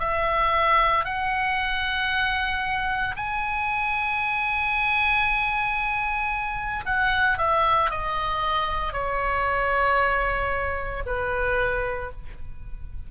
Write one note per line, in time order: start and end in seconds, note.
0.00 1.05 E5
1.05 3.15 F#5
3.16 6.85 G#5
6.86 7.38 F#5
7.38 7.90 E5
7.90 8.93 D#5
8.93 11.03 C#5
11.06 12.11 B4